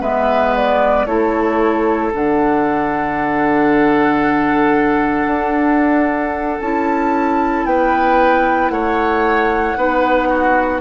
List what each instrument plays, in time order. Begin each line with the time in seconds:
0.00 bassoon G#3, clarinet B3, oboe B4, flute E5
0.55 flute D5
1.06 bassoon A3, clarinet E4, oboe A4, flute C#5
2.14 bassoon D3, clarinet D4, flute F#5
5.26 bassoon D4
6.61 bassoon C#4, clarinet E4, flute A5
7.65 bassoon B3, oboe B4, flute G5
8.69 bassoon A3, oboe C#5, flute F#5
9.76 bassoon B3, clarinet D#4, oboe B4
10.29 oboe F#4